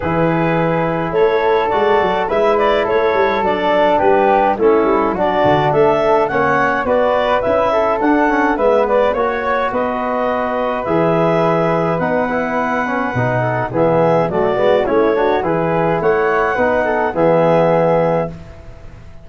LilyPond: <<
  \new Staff \with { instrumentName = "clarinet" } { \time 4/4 \tempo 4 = 105 b'2 cis''4 d''4 | e''8 d''8 cis''4 d''4 b'4 | a'4 d''4 e''4 fis''4 | d''4 e''4 fis''4 e''8 d''8 |
cis''4 dis''2 e''4~ | e''4 fis''2. | e''4 d''4 cis''4 b'4 | fis''2 e''2 | }
  \new Staff \with { instrumentName = "flute" } { \time 4/4 gis'2 a'2 | b'4 a'2 g'4 | e'4 fis'4 a'4 cis''4 | b'4. a'4. b'4 |
cis''4 b'2.~ | b'2.~ b'8 a'8 | gis'4 fis'4 e'8 fis'8 gis'4 | cis''4 b'8 a'8 gis'2 | }
  \new Staff \with { instrumentName = "trombone" } { \time 4/4 e'2. fis'4 | e'2 d'2 | cis'4 d'2 cis'4 | fis'4 e'4 d'8 cis'8 b4 |
fis'2. gis'4~ | gis'4 dis'8 e'4 cis'8 dis'4 | b4 a8 b8 cis'8 d'8 e'4~ | e'4 dis'4 b2 | }
  \new Staff \with { instrumentName = "tuba" } { \time 4/4 e2 a4 gis8 fis8 | gis4 a8 g8 fis4 g4 | a8 g8 fis8 d8 a4 ais4 | b4 cis'4 d'4 gis4 |
ais4 b2 e4~ | e4 b2 b,4 | e4 fis8 gis8 a4 e4 | a4 b4 e2 | }
>>